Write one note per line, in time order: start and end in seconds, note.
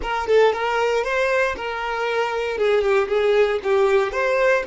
0.01 0.27 A#4
0.27 0.53 A4
0.53 1.03 A#4
1.03 1.55 C5
1.56 2.57 A#4
2.57 2.81 G#4
2.81 3.07 G4
3.08 3.59 G#4
3.63 4.11 G4
4.11 4.63 C5